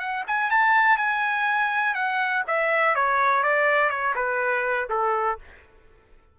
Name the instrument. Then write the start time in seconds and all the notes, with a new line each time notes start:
trumpet
0.00 F#5
0.27 G#5
0.51 A5
0.98 G#5
1.95 F#5
2.47 E5
2.95 C#5
3.44 D5
3.90 C#5
4.16 B4
4.90 A4